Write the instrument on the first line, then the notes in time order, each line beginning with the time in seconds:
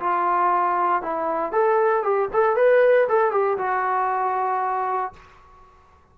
trombone
0.00 F4
1.03 E4
1.52 A4
2.03 G4
2.33 A4
2.56 B4
3.08 A4
3.32 G4
3.58 F#4